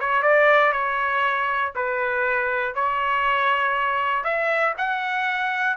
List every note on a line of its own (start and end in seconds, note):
0.00 0.22 C#5
0.22 0.72 D5
0.72 1.72 C#5
1.75 2.75 B4
2.75 4.24 C#5
4.24 4.74 E5
4.78 5.77 F#5